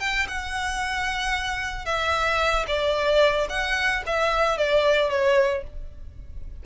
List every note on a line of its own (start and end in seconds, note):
0.00 0.27 G5
0.28 1.85 F#5
1.85 2.66 E5
2.67 3.48 D5
3.49 4.03 F#5
4.06 4.58 E5
4.58 5.10 D5
5.10 5.63 C#5